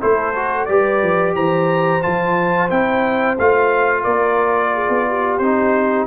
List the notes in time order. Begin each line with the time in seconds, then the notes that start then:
0.00 A3 E4 A4 C5
0.35 F#4
0.65 G3 G4 B4 D5
1.03 F3
1.35 E3 C5 A#5
2.02 F3 F4 A5
2.70 C4 E4 G5
3.39 A3 F4 F5
4.03 A#3 A#4 D5
4.73 G#4
4.89 B3
5.09 G4
5.38 C4 D#4 C5